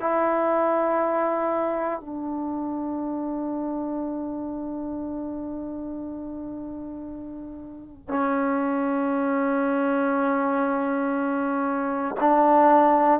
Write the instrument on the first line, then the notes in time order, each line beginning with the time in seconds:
trombone
0.00 E4
2.00 D4
8.08 C#4
12.20 D4